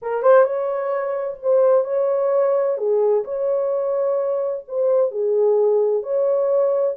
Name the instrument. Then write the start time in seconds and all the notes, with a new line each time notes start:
horn
0.02 A#4
0.22 C5
0.44 C#5
1.42 C5
1.84 C#5
2.77 G#4
3.24 C#5
4.67 C5
5.11 G#4
6.02 C#5